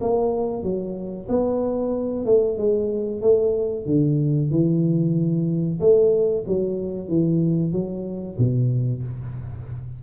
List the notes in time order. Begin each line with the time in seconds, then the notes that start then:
0.00 A#3
0.62 F#3
1.28 B3
2.25 A3
2.57 G#3
3.21 A3
3.85 D3
4.50 E3
5.80 A3
6.47 F#3
7.08 E3
7.72 F#3
8.38 B2